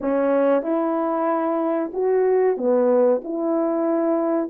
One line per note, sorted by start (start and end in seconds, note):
0.00 0.62 C#4
0.62 1.91 E4
1.93 2.57 F#4
2.57 3.21 B3
3.24 4.49 E4